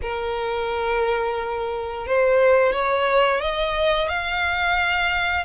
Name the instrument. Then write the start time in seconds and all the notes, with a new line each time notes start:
violin
0.02 A#4
2.06 C5
2.72 C#5
3.40 D#5
4.08 F5